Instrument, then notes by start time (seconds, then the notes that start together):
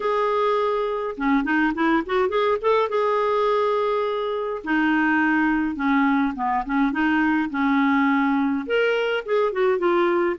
clarinet
0.00 G#4
1.17 C#4
1.44 D#4
1.74 E4
2.05 F#4
2.28 G#4
2.61 A4
2.89 G#4
4.64 D#4
5.75 C#4
6.35 B3
6.65 C#4
6.92 D#4
7.50 C#4
8.66 A#4
9.25 G#4
9.52 F#4
9.78 F4